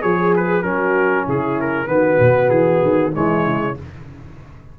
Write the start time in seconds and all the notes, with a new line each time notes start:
0.00 F3 G#4 C#5
0.36 B4
0.62 F#3 C#4 F#4 A#4
1.25 C#3 E4 G#4
1.60 A#4
1.86 D#3 B3 B4
1.93 F#4
2.19 B2
2.49 E3 G#4
2.82 D#3
3.12 E3 G#3 E4 C#5
3.45 C#3